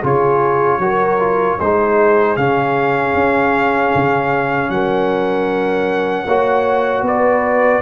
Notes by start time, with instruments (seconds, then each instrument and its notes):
0.00 tuba C#3, trombone F4, horn G#4, trumpet C#5
0.78 tuba F#3, trombone F#4, horn A#4
1.19 trombone F4
1.58 tuba G#3, trombone D#4, horn G#4, trumpet C5
2.36 tuba C#3, trombone C#4, trumpet F5
3.14 tuba C#4
3.95 tuba C#3
4.69 tuba F#3, horn A#4, trumpet F#5
6.26 tuba A#3, trombone F#4, horn C#5
7.02 tuba B3, horn B4, trumpet D5